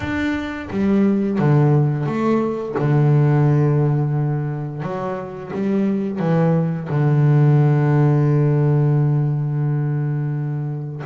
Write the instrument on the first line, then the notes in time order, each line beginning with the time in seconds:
double bass
0.00 D4
0.70 G3
1.38 D3
2.06 A3
2.78 D3
4.82 F#3
5.53 G3
6.19 E3
6.89 D3